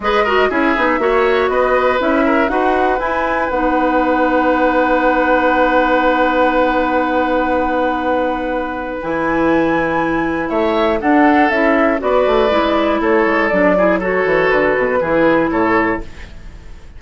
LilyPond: <<
  \new Staff \with { instrumentName = "flute" } { \time 4/4 \tempo 4 = 120 dis''4 e''2 dis''4 | e''4 fis''4 gis''4 fis''4~ | fis''1~ | fis''1~ |
fis''2 gis''2~ | gis''4 e''4 fis''4 e''4 | d''2 cis''4 d''4 | cis''4 b'2 cis''4 | }
  \new Staff \with { instrumentName = "oboe" } { \time 4/4 b'8 ais'8 gis'4 cis''4 b'4~ | b'8 ais'8 b'2.~ | b'1~ | b'1~ |
b'1~ | b'4 cis''4 a'2 | b'2 a'4. gis'8 | a'2 gis'4 a'4 | }
  \new Staff \with { instrumentName = "clarinet" } { \time 4/4 gis'8 fis'8 e'8 dis'8 fis'2 | e'4 fis'4 e'4 dis'4~ | dis'1~ | dis'1~ |
dis'2 e'2~ | e'2 d'4 e'4 | fis'4 e'2 d'8 e'8 | fis'2 e'2 | }
  \new Staff \with { instrumentName = "bassoon" } { \time 4/4 gis4 cis'8 b8 ais4 b4 | cis'4 dis'4 e'4 b4~ | b1~ | b1~ |
b2 e2~ | e4 a4 d'4 cis'4 | b8 a8 gis4 a8 gis8 fis4~ | fis8 e8 d8 b,8 e4 a,4 | }
>>